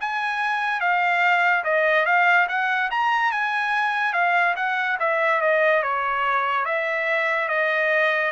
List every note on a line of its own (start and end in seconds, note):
0.00 0.80 G#5
0.80 1.63 F5
1.64 2.05 D#5
2.05 2.47 F5
2.48 2.90 F#5
2.91 3.31 A#5
3.31 4.13 G#5
4.13 4.55 F5
4.56 4.97 F#5
5.00 5.41 E5
5.41 5.83 D#5
5.83 6.65 C#5
6.65 7.48 E5
7.48 8.31 D#5